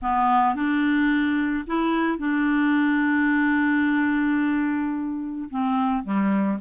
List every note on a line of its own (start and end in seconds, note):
0.02 0.55 B3
0.55 1.65 D4
1.66 2.18 E4
2.18 5.48 D4
5.50 6.03 C4
6.03 6.58 G3